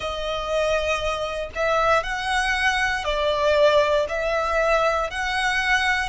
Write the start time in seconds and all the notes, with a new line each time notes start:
0.00 D#5
1.55 E5
2.03 F#5
3.04 D5
4.08 E5
5.10 F#5